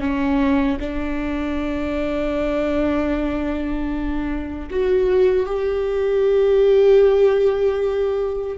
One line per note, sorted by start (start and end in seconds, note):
0.00 0.78 C#4
0.79 4.69 D4
4.70 5.46 F#4
5.46 8.57 G4